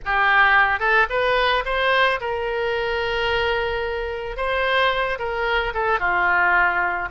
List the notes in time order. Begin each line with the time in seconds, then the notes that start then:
0.05 G4
0.79 A4
1.09 B4
1.65 C5
2.20 A#4
4.36 C5
5.18 A#4
5.74 A4
5.99 F4